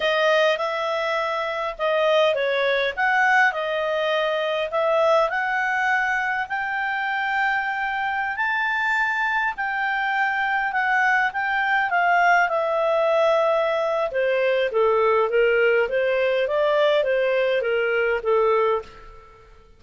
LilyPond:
\new Staff \with { instrumentName = "clarinet" } { \time 4/4 \tempo 4 = 102 dis''4 e''2 dis''4 | cis''4 fis''4 dis''2 | e''4 fis''2 g''4~ | g''2~ g''16 a''4.~ a''16~ |
a''16 g''2 fis''4 g''8.~ | g''16 f''4 e''2~ e''8. | c''4 a'4 ais'4 c''4 | d''4 c''4 ais'4 a'4 | }